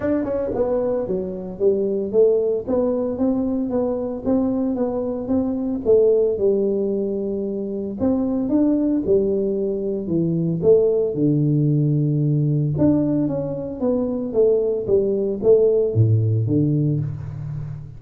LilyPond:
\new Staff \with { instrumentName = "tuba" } { \time 4/4 \tempo 4 = 113 d'8 cis'8 b4 fis4 g4 | a4 b4 c'4 b4 | c'4 b4 c'4 a4 | g2. c'4 |
d'4 g2 e4 | a4 d2. | d'4 cis'4 b4 a4 | g4 a4 a,4 d4 | }